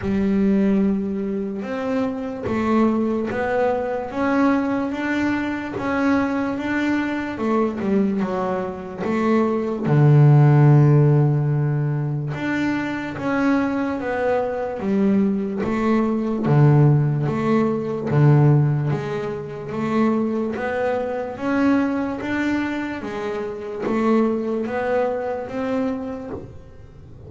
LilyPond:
\new Staff \with { instrumentName = "double bass" } { \time 4/4 \tempo 4 = 73 g2 c'4 a4 | b4 cis'4 d'4 cis'4 | d'4 a8 g8 fis4 a4 | d2. d'4 |
cis'4 b4 g4 a4 | d4 a4 d4 gis4 | a4 b4 cis'4 d'4 | gis4 a4 b4 c'4 | }